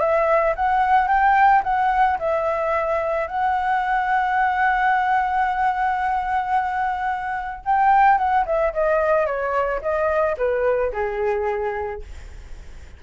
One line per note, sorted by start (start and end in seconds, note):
0.00 0.55 E5
0.56 1.08 F#5
1.08 1.62 G5
1.64 2.18 F#5
2.19 3.28 E5
3.28 7.64 F#5
7.65 8.18 G5
8.18 8.45 F#5
8.46 8.73 E5
8.73 9.27 D#5
9.27 9.81 C#5
9.82 10.36 D#5
10.38 10.92 B4
10.93 12.02 G#4